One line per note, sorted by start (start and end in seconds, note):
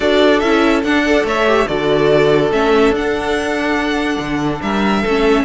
0.00 0.42 D4
0.00 0.42 F#4
0.00 1.04 A4
0.00 0.39 D5
0.39 0.83 C#4
0.39 0.84 E4
0.39 0.81 E5
0.83 1.23 D4
0.83 1.06 D4
0.83 1.26 F#5
1.06 1.47 A4
1.06 1.26 D5
1.23 1.65 A3
1.23 1.68 C#5
1.23 1.67 E5
1.47 1.66 G4
1.66 2.51 D3
1.66 2.50 F#4
1.66 4.61 A4
1.66 2.51 D5
2.51 2.90 A3
2.51 2.93 C#4
2.51 2.94 E5
2.90 4.16 D4
2.90 4.61 F#5
2.96 5.06 D4
4.18 4.60 D3
4.61 5.04 G3
4.61 5.02 A#4
4.61 5.44 E5
5.02 5.44 A3
5.02 5.44 C#4
5.02 5.44 A4